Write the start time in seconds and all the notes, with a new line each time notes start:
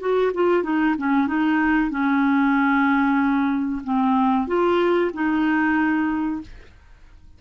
0.00 F#4
0.34 F4
0.64 D#4
0.98 C#4
1.27 D#4
1.91 C#4
3.84 C4
4.48 F4
5.14 D#4